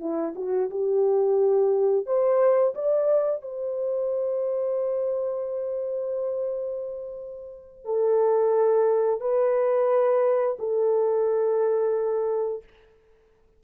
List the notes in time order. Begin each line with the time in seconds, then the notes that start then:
0.00 E4
0.36 F#4
0.70 G4
2.06 C5
2.75 D5
3.42 C5
7.84 A4
9.21 B4
10.59 A4